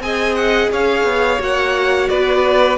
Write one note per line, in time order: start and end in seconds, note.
0.00 0.69 C4
0.00 1.39 G#4
0.00 0.72 D#5
0.00 0.36 G#5
0.36 0.70 F#5
0.72 1.04 C#4
0.72 2.10 C#5
0.72 1.42 F5
1.04 1.39 B3
1.39 2.09 A#3
1.39 2.77 F#4
1.39 2.09 F#5
2.09 2.78 B3
2.09 2.78 B4
2.09 2.78 D5